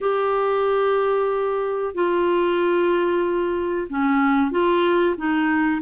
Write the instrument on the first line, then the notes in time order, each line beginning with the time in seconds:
clarinet
0.00 G4
1.94 F4
3.89 C#4
4.51 F4
5.17 D#4